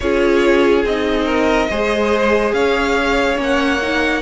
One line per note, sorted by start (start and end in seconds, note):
0.00 0.84 C#4
0.00 0.87 F4
0.00 1.25 G#4
0.00 0.85 C#5
0.84 1.68 C4
0.84 1.70 D#4
0.84 2.53 D#5
1.25 1.67 A#4
1.70 2.52 G#3
1.70 3.36 G#4
1.70 2.55 C5
2.52 3.37 C#4
2.52 4.21 C#5
2.52 3.37 F5
3.36 4.21 A#3
3.36 3.78 C#4
3.43 4.21 F#5
3.81 4.21 D#4